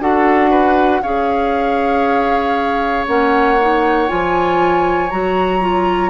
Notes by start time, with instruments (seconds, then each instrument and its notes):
0.00 bassoon D4, clarinet F#4, oboe A4, flute F#5
0.51 oboe B4
1.03 bassoon C#4, clarinet G#4, oboe C#5, flute F5
3.08 bassoon A#3, clarinet C#4, flute F#5
3.61 clarinet D#4
4.08 bassoon F3, clarinet F4, flute G#5
5.11 bassoon F#3, clarinet F#4, flute A#5
5.61 clarinet F4